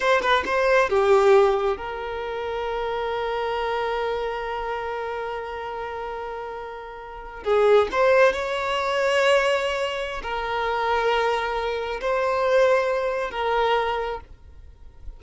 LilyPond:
\new Staff \with { instrumentName = "violin" } { \time 4/4 \tempo 4 = 135 c''8 b'8 c''4 g'2 | ais'1~ | ais'1~ | ais'1~ |
ais'8. gis'4 c''4 cis''4~ cis''16~ | cis''2. ais'4~ | ais'2. c''4~ | c''2 ais'2 | }